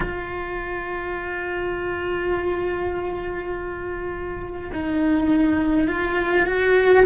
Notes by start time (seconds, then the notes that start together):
0.00 F4
4.73 D#4
5.87 F4
6.45 F#4